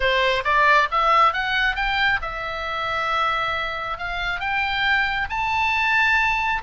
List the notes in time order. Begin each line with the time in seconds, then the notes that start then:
0.00 C5
0.44 D5
0.91 E5
1.33 F#5
1.75 G5
2.21 E5
3.98 F5
4.40 G5
5.29 A5